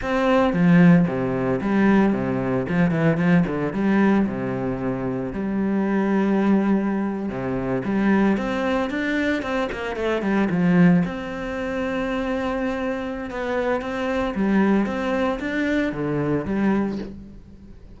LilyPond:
\new Staff \with { instrumentName = "cello" } { \time 4/4 \tempo 4 = 113 c'4 f4 c4 g4 | c4 f8 e8 f8 d8 g4 | c2 g2~ | g4.~ g16 c4 g4 c'16~ |
c'8. d'4 c'8 ais8 a8 g8 f16~ | f8. c'2.~ c'16~ | c'4 b4 c'4 g4 | c'4 d'4 d4 g4 | }